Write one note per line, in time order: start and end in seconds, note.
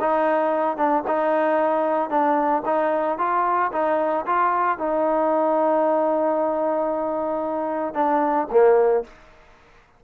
0.00 0.77 D#4
0.77 1.03 D4
1.07 2.09 D#4
2.09 2.63 D4
2.65 3.18 D#4
3.18 3.71 F4
3.72 4.25 D#4
4.26 4.78 F4
4.78 7.94 D#4
7.94 8.47 D4
8.51 9.04 A#3